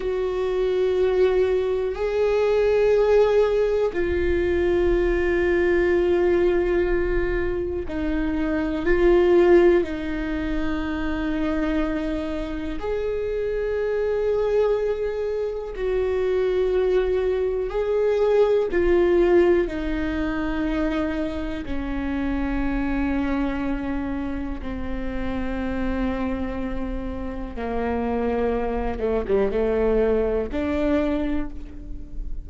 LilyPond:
\new Staff \with { instrumentName = "viola" } { \time 4/4 \tempo 4 = 61 fis'2 gis'2 | f'1 | dis'4 f'4 dis'2~ | dis'4 gis'2. |
fis'2 gis'4 f'4 | dis'2 cis'2~ | cis'4 c'2. | ais4. a16 g16 a4 d'4 | }